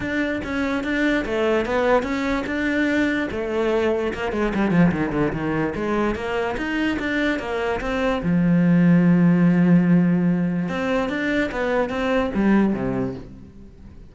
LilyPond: \new Staff \with { instrumentName = "cello" } { \time 4/4 \tempo 4 = 146 d'4 cis'4 d'4 a4 | b4 cis'4 d'2 | a2 ais8 gis8 g8 f8 | dis8 d8 dis4 gis4 ais4 |
dis'4 d'4 ais4 c'4 | f1~ | f2 c'4 d'4 | b4 c'4 g4 c4 | }